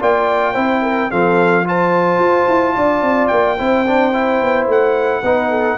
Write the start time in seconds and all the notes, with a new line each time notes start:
0.00 A#3 F4 D5 G5
0.53 C4 E4 C5
0.83 A#4
1.10 F3 C4 A4 F5
1.65 F4 C5 A5
2.19 F4
2.48 E4
2.75 D4 D5
3.02 C4
3.28 A#3 G5
3.59 C4 E4 C5
3.87 D4
4.13 E4
4.42 B3
4.68 A3 F#5
5.23 B3 D#4 B4
5.50 A4